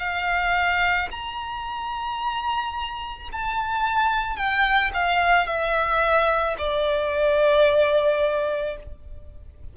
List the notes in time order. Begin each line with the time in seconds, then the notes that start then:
0.00 F5
1.12 A#5
3.32 A5
4.37 G5
4.94 F5
5.47 E5
6.59 D5